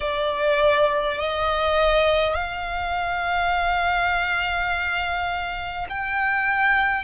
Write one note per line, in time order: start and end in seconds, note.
0.00 1.18 D5
1.18 2.34 D#5
2.34 5.87 F5
5.89 7.04 G5